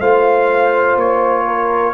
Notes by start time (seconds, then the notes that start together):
0.00 A3 F4 C5 F5
0.95 A#3 C#5
1.46 A#4